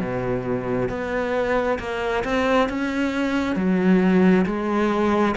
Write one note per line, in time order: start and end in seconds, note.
0.00 0.90 B2
0.90 1.79 B3
1.79 2.24 A#3
2.25 2.69 C4
2.69 3.56 C#4
3.56 4.46 F#3
4.46 5.36 G#3